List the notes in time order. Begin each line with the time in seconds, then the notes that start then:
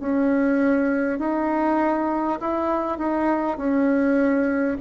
0.00 C#4
1.19 D#4
2.40 E4
2.98 D#4
3.57 C#4